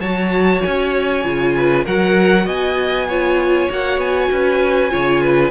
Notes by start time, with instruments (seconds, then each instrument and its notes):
0.00 cello F#3, viola F#4, violin C#5 A5
0.62 cello C#4, violin G#5
1.23 cello C#3, viola F4
1.56 violin B4
1.84 cello F#3, viola F#4, violin A#4 F#5
2.45 cello B3, violin D#5 G#5
3.08 viola F4, violin C#5
3.70 cello A#3, viola F#4, violin F#5
3.97 cello B3, violin G#5
4.31 cello C#4, violin B4
4.89 cello C#3, viola F4, violin C#5
5.21 violin B4